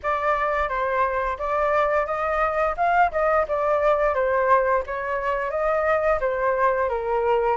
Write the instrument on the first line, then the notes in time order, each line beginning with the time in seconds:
flute
0.03 D5
0.68 C5
1.38 D5
2.06 D#5
2.76 F5
3.11 D#5
3.47 D5
4.14 C5
4.86 C#5
5.50 D#5
6.20 C5
6.89 A#4